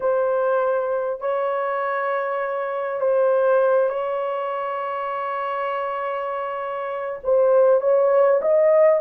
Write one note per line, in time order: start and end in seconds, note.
0.00 1.20 C5
1.20 3.00 C#5
3.00 3.89 C5
3.89 7.19 C#5
7.23 7.80 C5
7.80 8.40 C#5
8.41 9.00 D#5